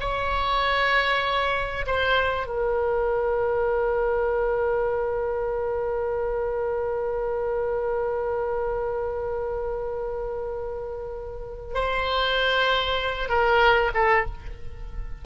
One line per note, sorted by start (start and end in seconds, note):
0.00 1.86 C#5
1.86 2.46 C5
2.46 11.74 A#4
11.74 13.28 C5
13.28 13.90 A#4
13.94 14.25 A4